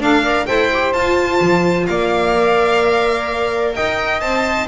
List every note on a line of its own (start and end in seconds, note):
0.00 0.47 D4
0.00 0.24 D4
0.00 0.23 A4
0.00 0.47 F5
0.23 0.48 A#4
0.23 0.47 D5
0.47 0.94 E4
0.47 0.72 A4
0.47 1.87 C5
0.47 0.93 G5
0.72 0.96 G4
0.93 1.41 F4
0.93 2.35 F4
0.93 1.87 A5
1.41 1.88 F3
1.87 3.77 A#3
1.87 3.76 D5
1.87 3.74 F5
2.35 4.22 A#4
3.76 4.22 D#4
3.76 4.68 D#5
3.76 4.21 G5
4.21 4.68 C4
4.21 4.68 C5
4.21 4.68 A5